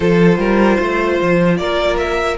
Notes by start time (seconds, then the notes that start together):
0.00 F3 F4 A4 C5
0.37 G3 A#4
0.77 A3 C5
1.21 F3
1.57 A#3 A#4 D5
1.97 E5